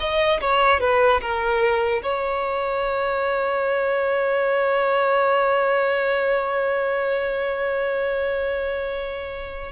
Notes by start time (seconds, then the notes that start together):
0.00 D#5
0.41 C#5
0.80 B4
1.21 A#4
2.03 C#5